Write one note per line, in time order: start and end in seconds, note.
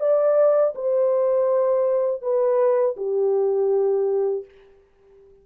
0.00 0.74 D5
0.75 2.22 C5
2.22 2.96 B4
2.97 4.45 G4